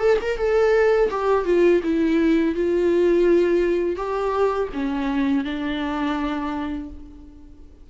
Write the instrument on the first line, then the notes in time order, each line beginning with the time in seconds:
viola
0.00 A4
0.22 A#4
0.38 A4
1.11 G4
1.46 F4
1.84 E4
2.55 F4
3.96 G4
4.74 C#4
5.44 D4